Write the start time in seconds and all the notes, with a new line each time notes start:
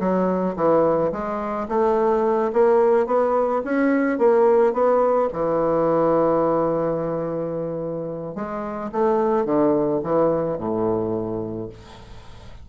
0.00 F#3
0.57 E3
1.13 G#3
1.69 A3
2.53 A#3
3.07 B3
3.65 C#4
4.19 A#3
4.74 B3
5.34 E3
8.36 G#3
8.92 A3
9.46 D3
10.04 E3
10.59 A2